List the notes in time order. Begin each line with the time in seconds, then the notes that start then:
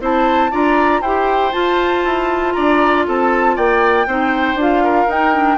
0.00 C4 E4 C5 A5
0.51 D4 F4 D5 A#5
1.01 E4 G4 C5 G5
1.52 F4 A5
2.04 E4
2.52 D4 D5 A#5
3.07 C4 A4 A5
3.56 A#3 D5 G5
4.06 C4 D#4 C5
4.54 D4 F4
4.61 F5
4.84 A#4
5.08 D#4 G5
5.33 D4